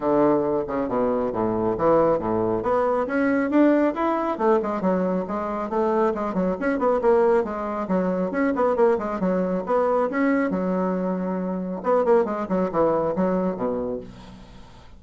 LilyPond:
\new Staff \with { instrumentName = "bassoon" } { \time 4/4 \tempo 4 = 137 d4. cis8 b,4 a,4 | e4 a,4 b4 cis'4 | d'4 e'4 a8 gis8 fis4 | gis4 a4 gis8 fis8 cis'8 b8 |
ais4 gis4 fis4 cis'8 b8 | ais8 gis8 fis4 b4 cis'4 | fis2. b8 ais8 | gis8 fis8 e4 fis4 b,4 | }